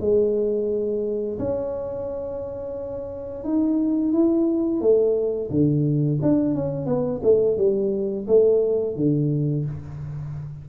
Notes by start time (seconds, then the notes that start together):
0.00 G#3
1.38 C#4
3.44 D#4
4.12 E4
4.81 A3
5.50 D3
6.22 D4
6.54 C#4
6.86 B3
7.23 A3
7.57 G3
8.27 A3
8.96 D3